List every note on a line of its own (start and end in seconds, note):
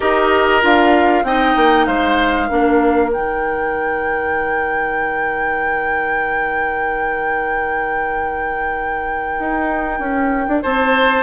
0.00 0.63 D#4
0.00 0.62 G4
0.00 1.23 A#4
0.00 0.62 D#5
0.62 1.23 D4
0.62 1.24 F4
0.62 1.24 F5
1.23 1.54 C4
1.23 2.49 D#4
1.23 1.87 D#5
1.23 1.86 G5
1.56 1.87 A#3
1.86 2.49 G#3
1.86 2.48 C5
1.86 3.11 F5
2.48 3.14 A#3
2.48 3.11 D4
2.48 10.60 A#4
3.11 9.38 D#3
3.11 11.23 D#4
3.11 10.62 G5
9.38 9.99 D#4
9.99 10.46 C#4
10.47 10.63 D4
10.62 11.23 C4
10.62 11.23 C5
10.62 11.23 A5